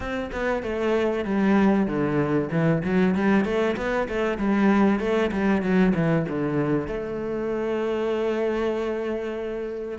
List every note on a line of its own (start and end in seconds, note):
0.00 0.30 C4
0.32 0.62 B3
0.62 1.24 A3
1.24 1.86 G3
1.86 2.49 D3
2.51 2.82 E3
2.84 3.14 F#3
3.14 3.45 G3
3.45 3.76 A3
3.76 4.08 B3
4.08 4.38 A3
4.38 4.99 G3
4.99 5.31 A3
5.31 5.61 G3
5.61 5.93 F#3
5.94 6.26 E3
6.28 6.87 D3
6.87 9.98 A3